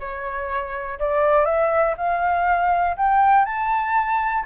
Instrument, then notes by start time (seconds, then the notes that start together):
flute
0.00 C#5
0.99 D5
1.45 E5
1.97 F5
2.97 G5
3.46 A5